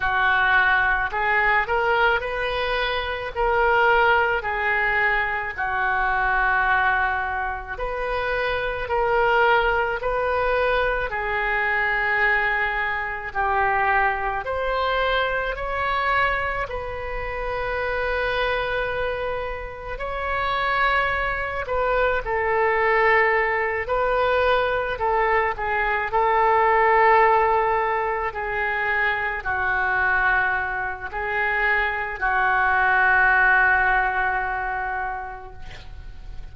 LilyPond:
\new Staff \with { instrumentName = "oboe" } { \time 4/4 \tempo 4 = 54 fis'4 gis'8 ais'8 b'4 ais'4 | gis'4 fis'2 b'4 | ais'4 b'4 gis'2 | g'4 c''4 cis''4 b'4~ |
b'2 cis''4. b'8 | a'4. b'4 a'8 gis'8 a'8~ | a'4. gis'4 fis'4. | gis'4 fis'2. | }